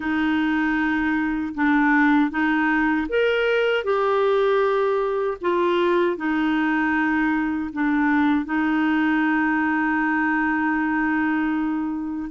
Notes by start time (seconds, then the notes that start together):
0.00 D#4
1.54 D4
2.30 D#4
3.08 A#4
3.84 G4
5.41 F4
6.16 D#4
7.72 D4
8.45 D#4